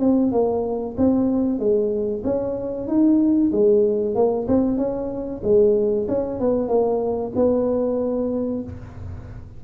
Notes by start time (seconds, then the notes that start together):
0.00 C4
0.32 A#3
0.98 C4
1.59 G#3
2.24 C#4
2.88 D#4
3.52 G#3
4.15 A#3
4.48 C4
4.77 C#4
5.44 G#3
6.08 C#4
6.40 B3
6.68 A#3
7.35 B3